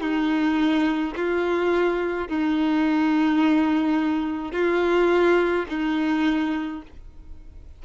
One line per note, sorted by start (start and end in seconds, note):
0.00 1.13 D#4
1.16 2.28 F4
2.28 4.52 D#4
4.52 5.66 F4
5.69 6.82 D#4